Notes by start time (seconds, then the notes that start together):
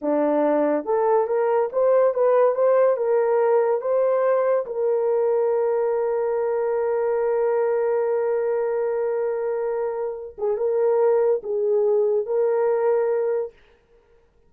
0.01 D4
0.85 A4
1.27 A#4
1.72 C5
2.14 B4
2.54 C5
2.97 A#4
3.81 C5
4.66 A#4
10.38 G#4
10.57 A#4
11.43 G#4
12.25 A#4